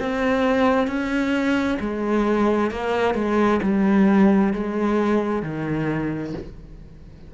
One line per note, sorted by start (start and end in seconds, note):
0.00 0.88 C4
0.88 1.79 C#4
1.80 2.71 G#3
2.71 3.15 A#3
3.15 3.60 G#3
3.63 4.54 G3
4.54 5.43 G#3
5.43 6.34 D#3